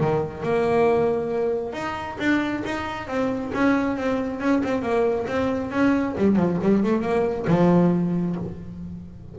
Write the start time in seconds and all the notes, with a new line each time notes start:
0.00 D#3
0.43 A#3
1.73 D#4
2.19 D4
2.65 D#4
3.07 C4
3.53 C#4
3.96 C4
4.40 C#4
4.63 C4
4.82 A#3
5.27 C4
5.71 C#4
6.17 G3
6.35 F3
6.62 G3
6.83 A3
7.01 A#3
7.47 F3